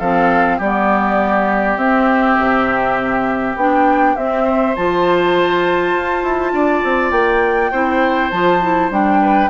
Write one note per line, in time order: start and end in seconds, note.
0.00 0.60 F3
0.00 0.62 C4
0.00 0.58 A4
0.00 0.60 F5
0.58 1.77 G3
0.58 4.44 G4
0.58 1.78 D5
0.64 1.79 B3
1.77 2.36 C4
1.77 3.57 C4
1.77 3.56 E5
2.39 3.56 C3
3.56 4.15 B3
3.56 4.18 D4
3.56 4.16 G5
4.16 4.76 C4
4.16 4.75 E5
4.44 6.52 C5
4.76 5.95 F3
4.76 7.74 F4
4.76 7.12 A5
5.95 6.24 F4
6.24 6.53 E4
6.53 6.83 D4
6.53 7.72 D5
6.84 7.12 C4
7.12 7.71 A#3
7.12 8.30 G5
7.72 8.32 C4
7.72 8.33 E4
7.72 9.20 C5
8.31 8.91 F3
8.31 8.62 F4
8.31 8.90 A5
8.62 8.91 E4
8.91 9.50 G3
8.91 9.50 D4
8.91 9.50 G5
9.22 9.50 B4